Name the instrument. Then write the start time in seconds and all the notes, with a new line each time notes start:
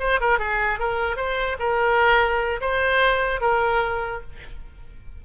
oboe
0.00 C5
0.21 A#4
0.39 G#4
0.80 A#4
1.17 C5
1.59 A#4
2.61 C5
3.41 A#4